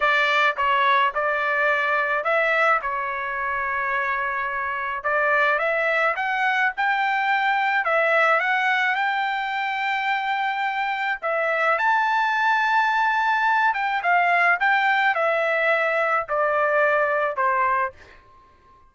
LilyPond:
\new Staff \with { instrumentName = "trumpet" } { \time 4/4 \tempo 4 = 107 d''4 cis''4 d''2 | e''4 cis''2.~ | cis''4 d''4 e''4 fis''4 | g''2 e''4 fis''4 |
g''1 | e''4 a''2.~ | a''8 g''8 f''4 g''4 e''4~ | e''4 d''2 c''4 | }